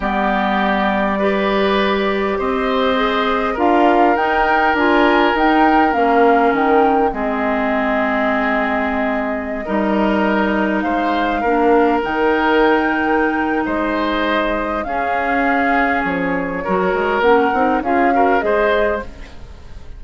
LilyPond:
<<
  \new Staff \with { instrumentName = "flute" } { \time 4/4 \tempo 4 = 101 d''1 | dis''2 f''4 g''4 | gis''4 g''4 f''4 g''4 | dis''1~ |
dis''2~ dis''16 f''4.~ f''16~ | f''16 g''2~ g''8. dis''4~ | dis''4 f''2 cis''4~ | cis''4 fis''4 f''4 dis''4 | }
  \new Staff \with { instrumentName = "oboe" } { \time 4/4 g'2 b'2 | c''2 ais'2~ | ais'1 | gis'1~ |
gis'16 ais'2 c''4 ais'8.~ | ais'2. c''4~ | c''4 gis'2. | ais'2 gis'8 ais'8 c''4 | }
  \new Staff \with { instrumentName = "clarinet" } { \time 4/4 b2 g'2~ | g'4 gis'4 f'4 dis'4 | f'4 dis'4 cis'2 | c'1~ |
c'16 dis'2. d'8.~ | d'16 dis'2.~ dis'8.~ | dis'4 cis'2. | fis'4 cis'8 dis'8 f'8 fis'8 gis'4 | }
  \new Staff \with { instrumentName = "bassoon" } { \time 4/4 g1 | c'2 d'4 dis'4 | d'4 dis'4 ais4 dis4 | gis1~ |
gis16 g2 gis4 ais8.~ | ais16 dis2~ dis8. gis4~ | gis4 cis'2 f4 | fis8 gis8 ais8 c'8 cis'4 gis4 | }
>>